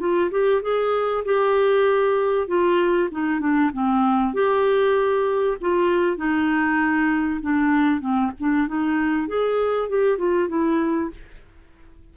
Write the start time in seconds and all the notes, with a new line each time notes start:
0.00 F4
0.31 G4
0.62 G#4
1.25 G4
2.48 F4
3.12 D#4
3.40 D4
3.74 C4
4.34 G4
5.61 F4
6.17 D#4
7.42 D4
8.01 C4
8.40 D4
8.68 D#4
9.28 G#4
9.90 G4
10.19 F4
10.49 E4